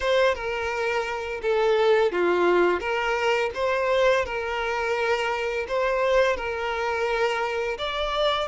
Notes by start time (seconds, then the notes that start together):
0.00 C5
0.35 A#4
1.41 A4
2.11 F4
2.79 A#4
3.54 C5
4.25 A#4
5.68 C5
6.36 A#4
7.78 D5